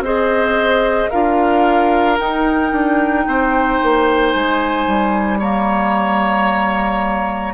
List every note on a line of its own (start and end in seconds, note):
0.00 1.07 C4
0.00 1.12 G#4
0.00 1.10 C5
0.00 1.10 D#5
1.10 2.19 D4
1.10 2.18 F4
1.10 3.24 A#4
1.10 2.17 F5
2.18 5.39 D#4
2.18 2.72 D#4
2.18 4.31 G5
2.72 3.26 D4
3.26 3.80 C4
3.26 5.38 C5
3.82 4.34 A#3
4.31 4.86 G#3
4.31 5.38 G#5
4.86 7.54 G3
5.38 7.54 A#3
5.38 7.53 C#5
5.38 7.54 A#5